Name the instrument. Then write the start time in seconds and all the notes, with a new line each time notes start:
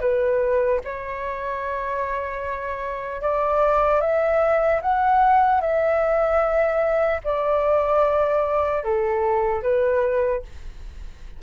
flute
0.00 B4
0.84 C#5
3.21 D5
4.01 E5
4.81 F#5
5.61 E5
7.24 D5
8.84 A4
9.62 B4